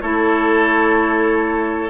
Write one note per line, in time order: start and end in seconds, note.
0.00 1.90 A3
0.00 1.90 E4
0.00 1.90 A4
0.00 1.90 C#5